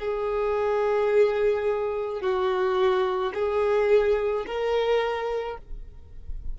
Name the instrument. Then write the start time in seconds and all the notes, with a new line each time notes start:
violin
0.00 G#4
2.21 F#4
3.34 G#4
4.46 A#4